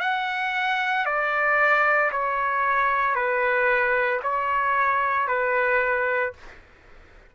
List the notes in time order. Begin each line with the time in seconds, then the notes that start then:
0.00 F#5
1.05 D5
2.11 C#5
3.15 B4
4.22 C#5
5.27 B4